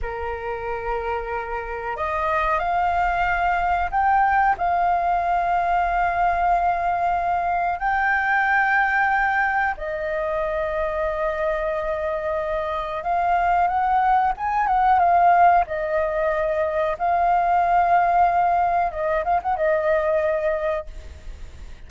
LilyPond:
\new Staff \with { instrumentName = "flute" } { \time 4/4 \tempo 4 = 92 ais'2. dis''4 | f''2 g''4 f''4~ | f''1 | g''2. dis''4~ |
dis''1 | f''4 fis''4 gis''8 fis''8 f''4 | dis''2 f''2~ | f''4 dis''8 f''16 fis''16 dis''2 | }